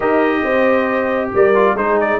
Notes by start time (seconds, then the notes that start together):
0.00 D#4 G4 A#4 D#5
0.43 C4 C5
1.34 G3 A#4 D5
1.54 F4
1.74 G#3 D#4 G#4 C5
2.00 D5